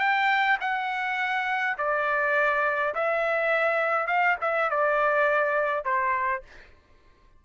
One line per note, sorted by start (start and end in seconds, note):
0.00 0.58 G5
0.61 1.77 F#5
1.78 2.95 D5
2.95 4.08 E5
4.08 4.37 F5
4.42 4.71 E5
4.71 5.85 D5
5.85 6.43 C5